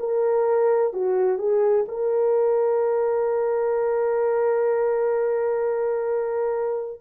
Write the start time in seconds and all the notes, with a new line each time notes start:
0.00 A#4
0.94 F#4
1.39 G#4
1.89 A#4